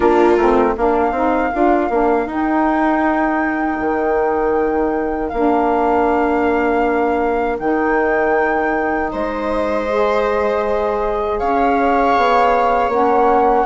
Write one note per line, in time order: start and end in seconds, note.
0.00 0.37 A#3
0.00 0.38 D4
0.00 0.75 F4
0.00 0.74 A#4
0.37 0.75 A3
0.37 0.77 C4
0.75 1.11 A#3
0.75 1.15 D4
0.75 9.11 A#4
0.75 2.29 F5
1.11 1.49 C4
1.11 1.52 D#4
1.52 1.89 D4
1.52 1.90 F4
1.89 2.25 A#3
1.89 2.28 D4
2.25 3.77 D#4
2.25 5.33 D#4
2.25 5.28 G5
3.80 5.31 D#3
5.28 7.59 A#3
5.28 7.59 D4
5.28 7.56 F5
7.59 9.11 D#3
7.59 9.87 D#4
7.59 9.10 G5
9.12 11.41 G#3
9.12 11.39 C5
9.12 11.38 D#5
9.87 12.91 G#4
11.38 12.16 C#4
11.38 13.66 C#5
11.38 12.90 F5
12.16 12.88 B3
12.88 13.64 A#3
12.88 13.66 C#4
12.88 13.66 F#5